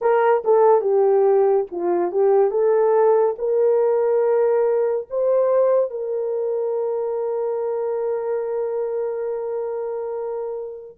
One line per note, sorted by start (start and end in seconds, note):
0.01 0.43 A#4
0.44 0.81 A4
0.81 1.66 G4
1.71 2.11 F4
2.11 2.50 G4
2.50 3.35 A4
3.38 5.07 A#4
5.09 5.90 C5
5.90 10.97 A#4